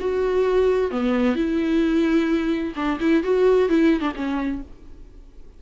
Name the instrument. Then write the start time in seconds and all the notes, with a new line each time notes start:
viola
0.00 F#4
0.91 B3
1.36 E4
2.76 D4
3.01 E4
3.24 F#4
3.69 E4
4.01 D4
4.16 C#4